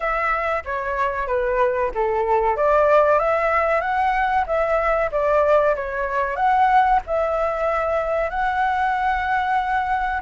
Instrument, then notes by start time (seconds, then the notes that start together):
flute
0.00 E5
0.64 C#5
1.27 B4
1.94 A4
2.56 D5
3.19 E5
3.81 F#5
4.46 E5
5.11 D5
5.75 C#5
6.35 F#5
7.06 E5
8.30 F#5